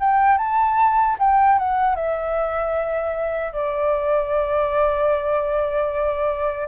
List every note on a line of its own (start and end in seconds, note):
0.00 0.38 G5
0.38 1.17 A5
1.19 1.59 G5
1.59 1.96 F#5
1.96 3.53 E5
3.53 6.68 D5